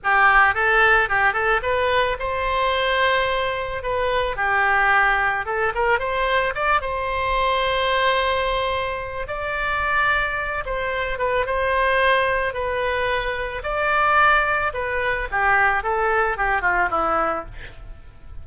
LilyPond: \new Staff \with { instrumentName = "oboe" } { \time 4/4 \tempo 4 = 110 g'4 a'4 g'8 a'8 b'4 | c''2. b'4 | g'2 a'8 ais'8 c''4 | d''8 c''2.~ c''8~ |
c''4 d''2~ d''8 c''8~ | c''8 b'8 c''2 b'4~ | b'4 d''2 b'4 | g'4 a'4 g'8 f'8 e'4 | }